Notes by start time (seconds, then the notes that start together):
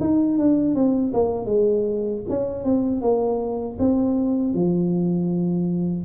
0.00 D#4
0.38 D4
0.75 C4
1.13 A#3
1.45 G#3
2.29 C#4
2.64 C4
3.01 A#3
3.79 C4
4.53 F3